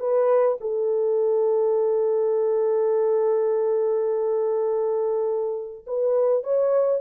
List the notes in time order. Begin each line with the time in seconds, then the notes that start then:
0.00 B4
0.61 A4
5.87 B4
6.44 C#5